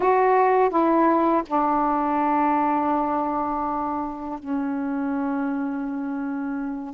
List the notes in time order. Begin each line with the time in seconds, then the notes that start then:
0.00 F#4
0.69 E4
1.46 D4
4.39 C#4